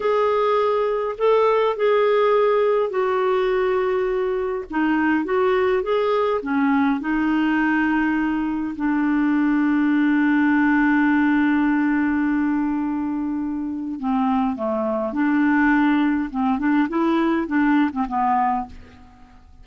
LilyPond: \new Staff \with { instrumentName = "clarinet" } { \time 4/4 \tempo 4 = 103 gis'2 a'4 gis'4~ | gis'4 fis'2. | dis'4 fis'4 gis'4 cis'4 | dis'2. d'4~ |
d'1~ | d'1 | c'4 a4 d'2 | c'8 d'8 e'4 d'8. c'16 b4 | }